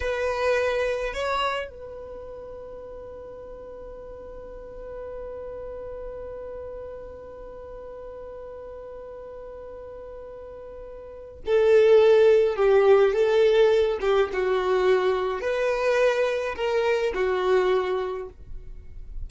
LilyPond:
\new Staff \with { instrumentName = "violin" } { \time 4/4 \tempo 4 = 105 b'2 cis''4 b'4~ | b'1~ | b'1~ | b'1~ |
b'1 | a'2 g'4 a'4~ | a'8 g'8 fis'2 b'4~ | b'4 ais'4 fis'2 | }